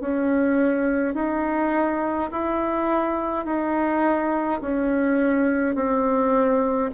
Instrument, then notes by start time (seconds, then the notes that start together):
bassoon
0.00 C#4
1.14 D#4
2.31 E4
3.45 D#4
4.61 C#4
5.75 C4